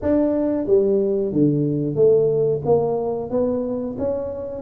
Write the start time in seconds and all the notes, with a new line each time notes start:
0.01 D4
0.66 G3
1.32 D3
1.95 A3
2.65 A#3
3.30 B3
3.98 C#4